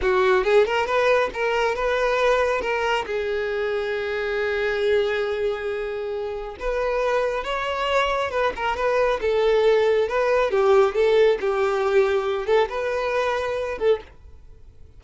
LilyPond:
\new Staff \with { instrumentName = "violin" } { \time 4/4 \tempo 4 = 137 fis'4 gis'8 ais'8 b'4 ais'4 | b'2 ais'4 gis'4~ | gis'1~ | gis'2. b'4~ |
b'4 cis''2 b'8 ais'8 | b'4 a'2 b'4 | g'4 a'4 g'2~ | g'8 a'8 b'2~ b'8 a'8 | }